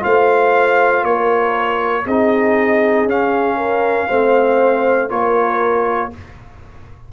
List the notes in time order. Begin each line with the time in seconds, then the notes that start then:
0.00 A3 F4 C5 F5
1.04 A#3 A#4 C#5
2.06 C4 D#4 G#4 D#5
3.06 C#4 F5
3.57 A#4
4.08 A3 C4 C5
5.09 A#3 F4 A#4 C#5